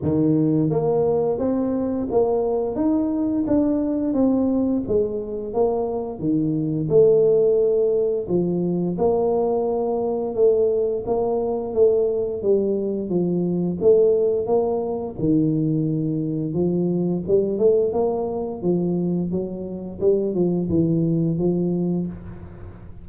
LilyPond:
\new Staff \with { instrumentName = "tuba" } { \time 4/4 \tempo 4 = 87 dis4 ais4 c'4 ais4 | dis'4 d'4 c'4 gis4 | ais4 dis4 a2 | f4 ais2 a4 |
ais4 a4 g4 f4 | a4 ais4 dis2 | f4 g8 a8 ais4 f4 | fis4 g8 f8 e4 f4 | }